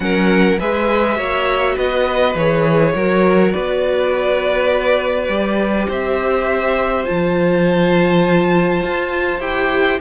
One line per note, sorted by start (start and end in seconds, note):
0.00 0.57 F#3
0.00 0.58 C#4
0.00 0.59 A#4
0.00 0.59 F#5
0.59 1.17 G#3
0.59 1.16 G#4
0.59 1.17 B4
0.59 1.77 E5
1.16 1.76 A#3
1.16 2.33 F#4
1.16 1.75 C#5
1.75 2.34 B3
1.75 2.93 B4
1.75 2.36 D#5
2.34 2.93 E3
2.34 2.96 G#4
2.34 3.51 C#5
2.94 3.53 F#3
2.94 5.29 F#4
2.94 3.53 A#4
3.51 5.28 B3
3.51 5.88 B4
3.51 5.86 D5
5.28 5.87 G3
5.28 7.04 G4
5.88 7.06 C4
5.88 10.00 C5
5.88 7.05 E5
7.04 8.83 F3
7.04 9.39 F4
7.04 9.40 A5
8.83 9.39 F4
9.39 9.98 E4
9.39 9.99 G4
9.39 9.99 G5